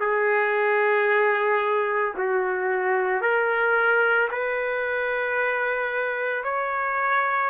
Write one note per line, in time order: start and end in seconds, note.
0.00 2.14 G#4
2.17 3.21 F#4
3.21 4.29 A#4
4.31 6.44 B4
6.44 7.50 C#5